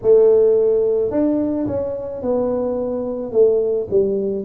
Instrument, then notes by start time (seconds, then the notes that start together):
tuba
0.02 A3
1.11 D4
1.66 C#4
2.22 B3
3.32 A3
3.90 G3